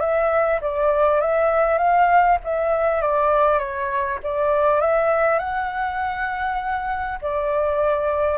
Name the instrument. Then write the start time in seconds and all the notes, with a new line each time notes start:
flute
0.00 E5
0.61 D5
1.21 E5
1.78 F5
2.44 E5
3.01 D5
3.59 C#5
4.23 D5
4.81 E5
5.39 F#5
7.21 D5